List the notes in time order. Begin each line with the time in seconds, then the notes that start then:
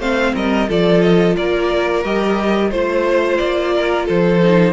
0.00 A3 C4 C5 F5
0.35 G3 A#4 D#5
0.69 F3 F4 A4 D5
1.02 D#5
1.37 A#3 A#4 D5
2.04 G3 G4 D#5
2.71 A3 F4 C5
3.38 A#3 D5
3.75 A#4
4.06 F3 A4 C5
4.44 D#4